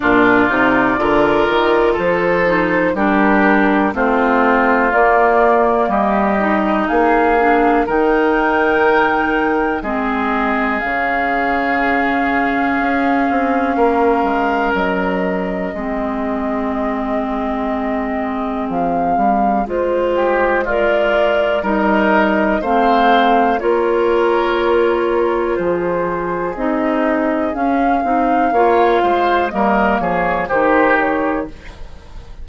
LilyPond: <<
  \new Staff \with { instrumentName = "flute" } { \time 4/4 \tempo 4 = 61 d''2 c''4 ais'4 | c''4 d''4 dis''4 f''4 | g''2 dis''4 f''4~ | f''2. dis''4~ |
dis''2. f''4 | c''4 d''4 dis''4 f''4 | cis''2 c''4 dis''4 | f''2 dis''8 cis''8 c''8 cis''8 | }
  \new Staff \with { instrumentName = "oboe" } { \time 4/4 f'4 ais'4 a'4 g'4 | f'2 g'4 gis'4 | ais'2 gis'2~ | gis'2 ais'2 |
gis'1~ | gis'8 g'8 f'4 ais'4 c''4 | ais'2 gis'2~ | gis'4 cis''8 c''8 ais'8 gis'8 g'4 | }
  \new Staff \with { instrumentName = "clarinet" } { \time 4/4 d'8 dis'8 f'4. dis'8 d'4 | c'4 ais4. dis'4 d'8 | dis'2 c'4 cis'4~ | cis'1 |
c'1 | f'4 ais'4 dis'4 c'4 | f'2. dis'4 | cis'8 dis'8 f'4 ais4 dis'4 | }
  \new Staff \with { instrumentName = "bassoon" } { \time 4/4 ais,8 c8 d8 dis8 f4 g4 | a4 ais4 g4 ais4 | dis2 gis4 cis4~ | cis4 cis'8 c'8 ais8 gis8 fis4 |
gis2. f8 g8 | gis2 g4 a4 | ais2 f4 c'4 | cis'8 c'8 ais8 gis8 g8 f8 dis4 | }
>>